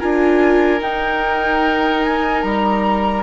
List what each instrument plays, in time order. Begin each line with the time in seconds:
0.00 bassoon D4, viola F4, oboe A#4, flute G#5
0.80 viola D#4, bassoon D#4, flute G5
2.04 flute G#5
2.42 bassoon G3, flute A#5